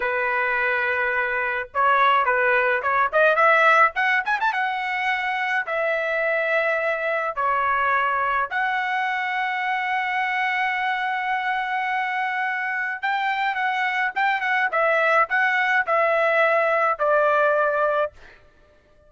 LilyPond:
\new Staff \with { instrumentName = "trumpet" } { \time 4/4 \tempo 4 = 106 b'2. cis''4 | b'4 cis''8 dis''8 e''4 fis''8 gis''16 a''16 | fis''2 e''2~ | e''4 cis''2 fis''4~ |
fis''1~ | fis''2. g''4 | fis''4 g''8 fis''8 e''4 fis''4 | e''2 d''2 | }